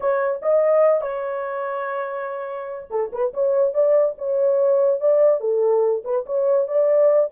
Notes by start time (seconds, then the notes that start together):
0.00 C#5
0.41 D#5
1.01 C#5
2.90 A4
3.12 B4
3.33 C#5
3.73 D5
4.18 C#5
5.00 D5
5.40 A4
6.04 B4
6.25 C#5
6.67 D5